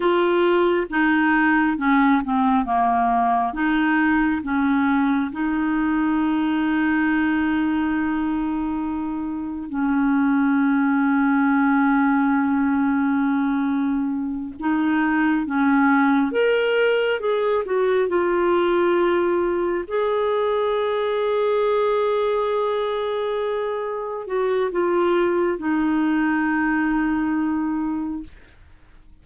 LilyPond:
\new Staff \with { instrumentName = "clarinet" } { \time 4/4 \tempo 4 = 68 f'4 dis'4 cis'8 c'8 ais4 | dis'4 cis'4 dis'2~ | dis'2. cis'4~ | cis'1~ |
cis'8 dis'4 cis'4 ais'4 gis'8 | fis'8 f'2 gis'4.~ | gis'2.~ gis'8 fis'8 | f'4 dis'2. | }